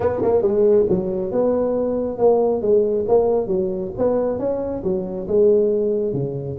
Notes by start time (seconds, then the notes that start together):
0.00 B3
0.22 A#3
0.42 G#3
0.89 F#3
1.31 B3
2.18 A#3
2.61 G#3
3.08 A#3
3.47 F#3
3.98 B3
4.39 C#4
4.83 F#3
5.27 G#3
6.13 C#3